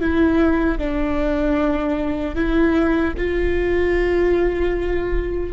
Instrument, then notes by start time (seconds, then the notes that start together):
viola
0.00 E4
0.78 D4
2.35 E4
3.18 F4